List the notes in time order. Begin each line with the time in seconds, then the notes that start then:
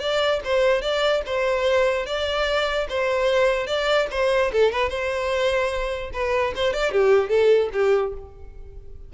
0.00 D5
0.45 C5
0.82 D5
1.26 C5
2.06 D5
2.89 C5
3.67 D5
4.11 C5
4.52 A4
4.72 B4
4.89 C5
6.13 B4
6.56 C5
6.74 D5
6.92 G4
7.29 A4
7.73 G4